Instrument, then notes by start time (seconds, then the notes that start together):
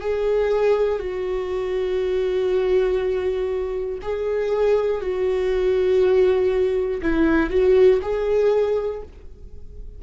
viola
0.00 G#4
0.99 F#4
4.02 G#4
5.01 F#4
7.02 E4
7.50 F#4
8.02 G#4